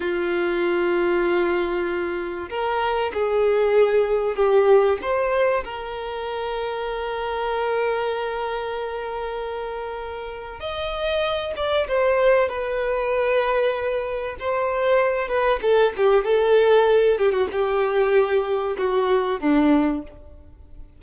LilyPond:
\new Staff \with { instrumentName = "violin" } { \time 4/4 \tempo 4 = 96 f'1 | ais'4 gis'2 g'4 | c''4 ais'2.~ | ais'1~ |
ais'4 dis''4. d''8 c''4 | b'2. c''4~ | c''8 b'8 a'8 g'8 a'4. g'16 fis'16 | g'2 fis'4 d'4 | }